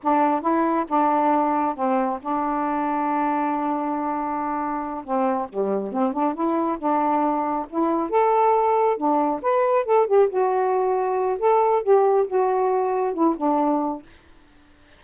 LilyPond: \new Staff \with { instrumentName = "saxophone" } { \time 4/4 \tempo 4 = 137 d'4 e'4 d'2 | c'4 d'2.~ | d'2.~ d'8 c'8~ | c'8 g4 c'8 d'8 e'4 d'8~ |
d'4. e'4 a'4.~ | a'8 d'4 b'4 a'8 g'8 fis'8~ | fis'2 a'4 g'4 | fis'2 e'8 d'4. | }